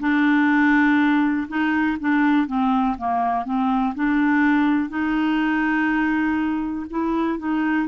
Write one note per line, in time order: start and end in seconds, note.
0.00 1.48 D4
1.48 1.98 D#4
2.00 2.47 D4
2.47 2.96 C4
2.98 3.45 A#3
3.45 3.94 C4
3.95 4.90 D4
4.90 6.86 D#4
6.90 7.39 E4
7.39 7.88 D#4